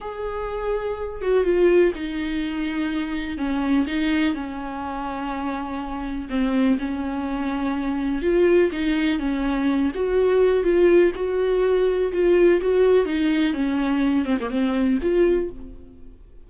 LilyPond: \new Staff \with { instrumentName = "viola" } { \time 4/4 \tempo 4 = 124 gis'2~ gis'8 fis'8 f'4 | dis'2. cis'4 | dis'4 cis'2.~ | cis'4 c'4 cis'2~ |
cis'4 f'4 dis'4 cis'4~ | cis'8 fis'4. f'4 fis'4~ | fis'4 f'4 fis'4 dis'4 | cis'4. c'16 ais16 c'4 f'4 | }